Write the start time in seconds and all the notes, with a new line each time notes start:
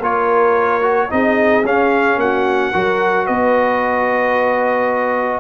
0.00 A#3 F4 A#4 C#5
0.82 F#4
1.10 C4 D#4 G#4 D#5
1.64 C#4 F5
2.17 A#3 F#4 F#5
2.73 F#3 F#4 A#4
3.26 B3 B4 D#5